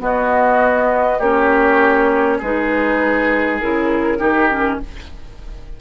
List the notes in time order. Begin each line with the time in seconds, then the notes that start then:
0.00 B3 F#4 D#5
1.19 A#3 C#4 G4 C#5
2.38 G#3 D#4 G#4 B4
3.60 C#3 E4 A#4
4.18 D#3 D#4 G4
4.50 C#4